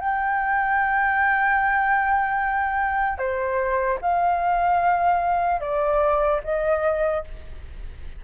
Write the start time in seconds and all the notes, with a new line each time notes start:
0.00 G5
3.19 C5
4.02 F5
5.61 D5
6.44 D#5